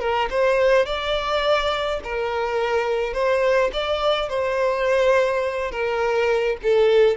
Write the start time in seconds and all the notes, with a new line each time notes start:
0.00 A#4
0.30 C5
0.86 D5
2.04 A#4
3.14 C5
3.73 D5
4.29 C5
5.71 A#4
6.63 A4